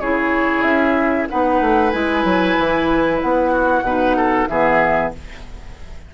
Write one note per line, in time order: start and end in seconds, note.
0.00 0.63 C#3
0.00 1.29 E4
0.00 1.29 G#4
0.00 0.62 C#5
0.62 1.27 C#4
0.62 1.26 E5
1.29 1.61 B3
1.29 1.93 D#4
1.29 3.51 B4
1.29 1.90 F#5
1.61 1.93 A3
1.90 2.24 G#3
1.90 3.84 E4
1.90 3.18 G#5
2.24 2.56 F#3
2.58 3.22 E3
3.21 3.82 B3
3.21 4.47 F#5
3.51 3.83 F#4
3.82 4.46 B2
3.82 4.49 D#4
3.82 4.17 B4
4.17 4.49 A4
4.47 5.13 E3
4.47 5.14 B3
4.47 5.14 G#4
4.47 5.11 E5